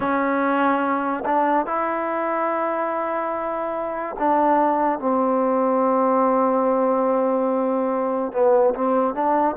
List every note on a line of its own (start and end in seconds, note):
0.00 1.23 C#4
1.25 1.66 D4
1.66 4.16 E4
4.19 4.99 D4
4.99 8.32 C4
8.32 8.73 B3
8.74 9.14 C4
9.14 9.56 D4